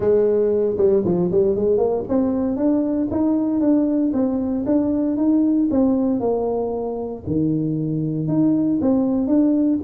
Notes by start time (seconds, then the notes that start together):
0.00 G#3
0.77 G3
1.05 F3
1.31 G3
1.55 G#3
1.77 A#3
2.08 C4
2.56 D4
3.10 D#4
3.60 D4
4.13 C4
4.66 D4
5.17 D#4
5.71 C4
6.20 A#3
7.26 D#3
8.27 D#4
8.80 C4
9.27 D4